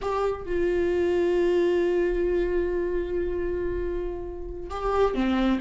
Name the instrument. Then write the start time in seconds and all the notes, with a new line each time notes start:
viola
0.01 G4
0.45 F4
4.70 G4
5.14 C4